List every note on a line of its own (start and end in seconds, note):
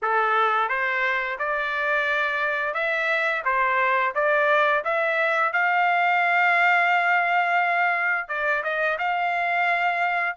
0.02 0.69 A4
0.69 1.38 C5
1.38 2.74 D5
2.74 3.43 E5
3.44 4.13 C5
4.14 4.83 D5
4.84 5.52 E5
5.52 8.28 F5
8.28 8.63 D5
8.63 8.98 D#5
8.98 10.36 F5